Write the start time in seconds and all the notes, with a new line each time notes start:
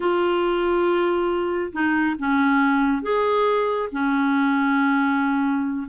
0.00 F4
1.72 D#4
2.18 C#4
3.02 G#4
3.92 C#4